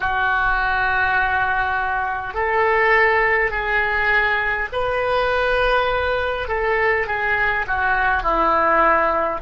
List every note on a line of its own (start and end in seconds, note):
0.00 2.34 F#4
2.34 3.50 A4
3.50 4.68 G#4
4.72 6.48 B4
6.48 7.06 A4
7.06 7.65 G#4
7.67 8.22 F#4
8.22 9.40 E4